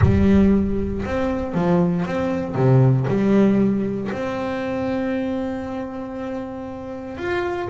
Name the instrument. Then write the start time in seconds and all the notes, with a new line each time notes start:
double bass
0.01 G3
1.05 C4
1.54 F3
2.05 C4
2.55 C3
3.08 G3
4.11 C4
7.17 F4